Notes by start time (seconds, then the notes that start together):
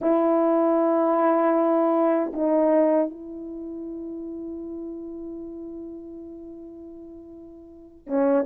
0.01 E4
2.33 D#4
3.10 E4
8.06 C#4